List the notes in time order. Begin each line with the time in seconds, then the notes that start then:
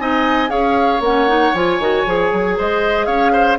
0.00 C4 D#4 D#5 G#5
0.49 C#4 G#4 C#5 F5
1.00 A#3 F#5
1.07 C#4
1.28 D#4
1.54 F3 F4 G#5
1.79 D#3 F#4
2.06 F3 G#4
2.33 F#3
2.58 G#3 C5 D#5
3.06 C#4 C#5 F5
3.33 C5